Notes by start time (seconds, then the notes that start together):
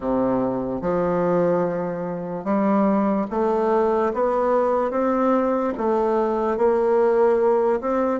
0.00 C3
0.81 F3
2.44 G3
3.30 A3
4.13 B3
4.91 C4
5.77 A3
6.57 A#3
7.80 C4